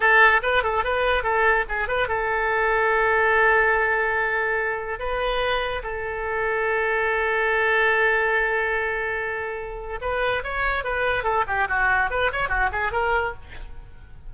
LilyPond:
\new Staff \with { instrumentName = "oboe" } { \time 4/4 \tempo 4 = 144 a'4 b'8 a'8 b'4 a'4 | gis'8 b'8 a'2.~ | a'1 | b'2 a'2~ |
a'1~ | a'1 | b'4 cis''4 b'4 a'8 g'8 | fis'4 b'8 cis''8 fis'8 gis'8 ais'4 | }